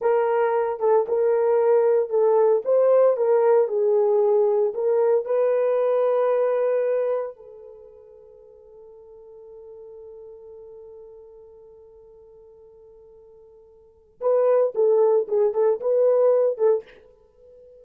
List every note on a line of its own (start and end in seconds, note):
0.01 0.79 A#4
0.79 1.06 A4
1.08 2.09 A#4
2.09 2.62 A4
2.65 3.16 C5
3.16 3.67 A#4
3.67 4.73 G#4
4.74 5.25 A#4
5.25 7.35 B4
7.36 14.20 A4
14.21 14.73 B4
14.74 15.27 A4
15.28 15.53 G#4
15.53 15.79 A4
15.80 16.57 B4
16.57 16.83 A4